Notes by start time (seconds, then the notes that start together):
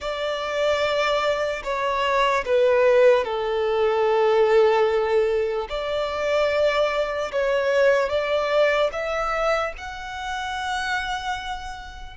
0.00 D5
1.63 C#5
2.45 B4
3.24 A4
5.69 D5
7.32 C#5
8.09 D5
8.92 E5
9.77 F#5